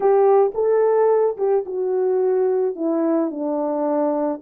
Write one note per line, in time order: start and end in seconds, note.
0.00 0.52 G4
0.54 1.36 A4
1.37 1.64 G4
1.65 2.75 F#4
2.75 3.30 E4
3.30 4.40 D4